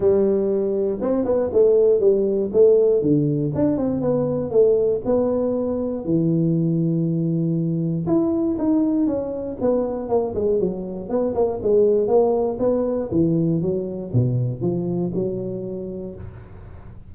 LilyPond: \new Staff \with { instrumentName = "tuba" } { \time 4/4 \tempo 4 = 119 g2 c'8 b8 a4 | g4 a4 d4 d'8 c'8 | b4 a4 b2 | e1 |
e'4 dis'4 cis'4 b4 | ais8 gis8 fis4 b8 ais8 gis4 | ais4 b4 e4 fis4 | b,4 f4 fis2 | }